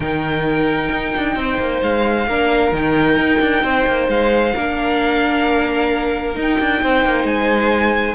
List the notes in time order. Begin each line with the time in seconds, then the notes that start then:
0.00 D#3 D#4 A#4 G5
0.91 D#4
1.16 D4
1.35 C4 C5
1.59 A#3
1.82 G#3 F5
2.27 A#3 D4 A#4
2.72 D#3 D#4 G5
3.16 D#4
3.40 D4
3.63 C4 C5
3.86 A#3
4.08 G#3 F5
4.54 A#3 D4 A#4
6.34 D#4
6.41 G5
6.59 D4
6.82 C4 C5
7.04 A#3
7.24 G#3 G#5